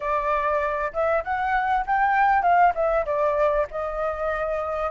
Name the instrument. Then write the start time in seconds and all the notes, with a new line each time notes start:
flute
0.00 D5
0.93 E5
1.24 F#5
1.86 G5
2.42 F5
2.74 E5
3.05 D5
3.70 D#5